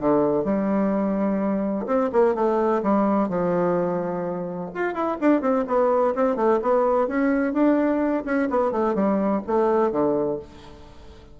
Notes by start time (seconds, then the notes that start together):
0.00 D3
0.44 G3
1.87 C4
2.13 A#3
2.35 A3
2.83 G3
3.29 F3
4.74 F4
4.94 E4
5.21 D4
5.41 C4
5.67 B3
6.15 C4
6.36 A3
6.62 B3
7.08 C#4
7.53 D4
8.25 C#4
8.50 B3
8.72 A3
8.95 G3
9.47 A3
9.92 D3